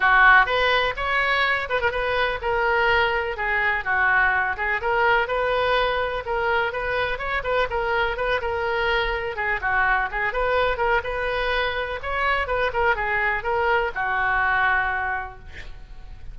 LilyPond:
\new Staff \with { instrumentName = "oboe" } { \time 4/4 \tempo 4 = 125 fis'4 b'4 cis''4. b'16 ais'16 | b'4 ais'2 gis'4 | fis'4. gis'8 ais'4 b'4~ | b'4 ais'4 b'4 cis''8 b'8 |
ais'4 b'8 ais'2 gis'8 | fis'4 gis'8 b'4 ais'8 b'4~ | b'4 cis''4 b'8 ais'8 gis'4 | ais'4 fis'2. | }